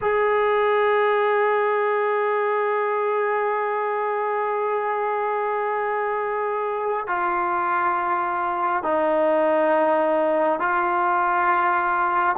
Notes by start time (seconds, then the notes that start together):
0.01 G#4
7.07 F4
8.83 D#4
10.59 F4